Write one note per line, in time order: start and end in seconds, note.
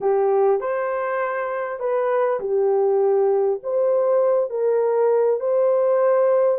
0.00 0.60 G4
0.60 1.79 C5
1.79 2.39 B4
2.40 3.60 G4
3.63 4.50 C5
4.50 5.40 A#4
5.40 6.58 C5